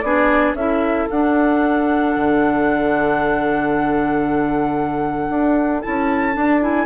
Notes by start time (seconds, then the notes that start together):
0.00 B3 D4 G#4 D5
0.54 C#4 E4 A4 E5
1.10 D4 F#5
2.16 D3
5.29 D4
5.81 C#4 E4 A5
6.33 D4
6.61 E4 G#5